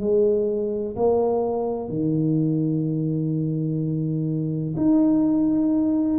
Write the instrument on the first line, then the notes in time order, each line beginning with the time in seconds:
tuba
0.00 G#3
0.96 A#3
1.89 D#3
4.77 D#4